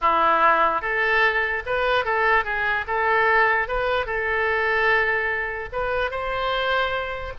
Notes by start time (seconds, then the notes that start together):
0.01 E4
0.81 A4
1.66 B4
2.04 A4
2.44 G#4
2.87 A4
3.68 B4
4.06 A4
5.72 B4
6.10 C5